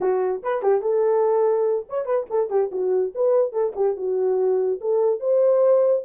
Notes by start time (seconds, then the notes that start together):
0.00 F#4
0.43 B4
0.62 G4
0.81 A4
1.89 C#5
2.05 B4
2.30 A4
2.49 G4
2.71 F#4
3.15 B4
3.52 A4
3.75 G4
3.96 F#4
4.80 A4
5.20 C5